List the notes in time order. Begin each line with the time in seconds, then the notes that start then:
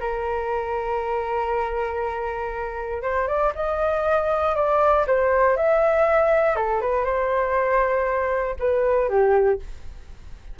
0.00 A#4
3.03 C5
3.28 D5
3.55 D#5
4.56 D5
5.07 C5
5.57 E5
6.56 A4
6.81 B4
7.05 C5
8.60 B4
9.09 G4